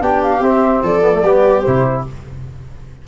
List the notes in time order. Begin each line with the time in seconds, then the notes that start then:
0.00 B3 D4 G4 G5
0.23 F5
0.40 C4 E5
0.83 F3 A4 D5
1.02 B3
1.12 A3
1.22 G3 B3 G4
1.61 C3 E4 C5